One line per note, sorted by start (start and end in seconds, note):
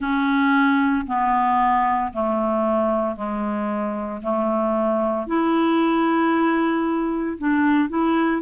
0.00 1.05 C#4
1.07 2.12 B3
2.13 3.16 A3
3.16 4.21 G#3
4.22 5.26 A3
5.26 7.37 E4
7.38 7.89 D4
7.89 8.42 E4